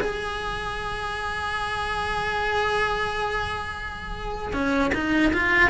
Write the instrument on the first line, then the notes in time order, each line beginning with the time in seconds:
cello
0.00 G#4
4.53 C#4
4.94 D#4
5.33 F4